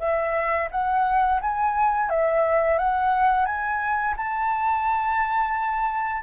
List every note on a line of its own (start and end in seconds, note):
0.00 0.69 E5
0.72 1.41 F#5
1.42 2.10 G#5
2.10 2.79 E5
2.79 3.46 F#5
3.46 4.15 G#5
4.17 6.23 A5